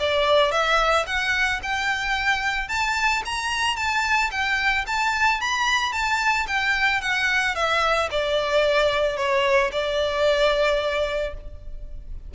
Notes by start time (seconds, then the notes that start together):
0.00 D5
0.52 E5
1.07 F#5
1.63 G5
2.69 A5
3.26 A#5
3.77 A5
4.32 G5
4.87 A5
5.41 B5
5.93 A5
6.48 G5
7.02 F#5
7.56 E5
8.12 D5
9.17 C#5
9.72 D5